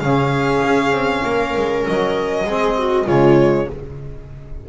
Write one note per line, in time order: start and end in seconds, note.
0.00 0.62 C#3
0.00 2.48 C#4
0.00 1.25 G#4
0.00 1.84 F5
0.65 0.92 C#4
0.92 1.22 C4
1.24 1.55 A#3
1.24 2.47 A#4
1.56 1.87 G#3
1.87 2.44 F#3
1.87 3.08 D#5
2.44 3.05 G#3
2.44 3.07 C4
2.44 2.78 G#4
2.78 3.06 F#4
3.06 3.68 C#3
3.06 3.68 G#3
3.06 3.67 F4
3.06 3.70 C#5